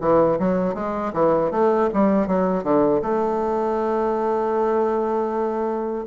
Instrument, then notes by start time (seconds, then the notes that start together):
bassoon
0.00 E3
0.39 F#3
0.74 G#3
1.13 E3
1.51 A3
1.94 G3
2.27 F#3
2.64 D3
3.02 A3